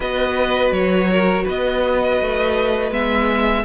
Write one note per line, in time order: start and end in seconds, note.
0.00 0.71 B3
0.00 2.91 F#4
0.00 1.10 B4
0.00 0.72 D#5
0.71 1.44 F#3
0.71 1.45 C#5
1.11 1.43 A#4
1.43 2.21 B3
1.43 3.63 B4
1.43 2.92 D#5
2.21 2.91 A3
2.91 3.64 G#3
2.91 3.64 B3
2.91 3.65 E5